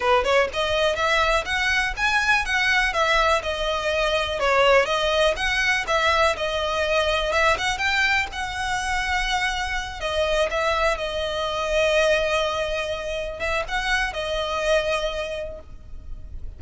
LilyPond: \new Staff \with { instrumentName = "violin" } { \time 4/4 \tempo 4 = 123 b'8 cis''8 dis''4 e''4 fis''4 | gis''4 fis''4 e''4 dis''4~ | dis''4 cis''4 dis''4 fis''4 | e''4 dis''2 e''8 fis''8 |
g''4 fis''2.~ | fis''8 dis''4 e''4 dis''4.~ | dis''2.~ dis''8 e''8 | fis''4 dis''2. | }